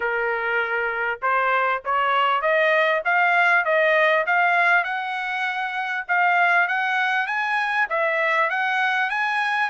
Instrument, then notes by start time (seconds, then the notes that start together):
trumpet
0.00 A#4
1.21 C5
1.84 C#5
2.41 D#5
3.04 F5
3.64 D#5
4.26 F5
4.84 F#5
6.08 F5
6.68 F#5
7.26 G#5
7.89 E5
8.50 F#5
9.10 G#5